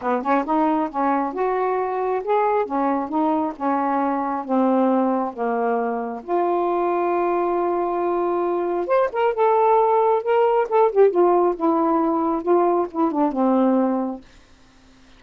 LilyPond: \new Staff \with { instrumentName = "saxophone" } { \time 4/4 \tempo 4 = 135 b8 cis'8 dis'4 cis'4 fis'4~ | fis'4 gis'4 cis'4 dis'4 | cis'2 c'2 | ais2 f'2~ |
f'1 | c''8 ais'8 a'2 ais'4 | a'8 g'8 f'4 e'2 | f'4 e'8 d'8 c'2 | }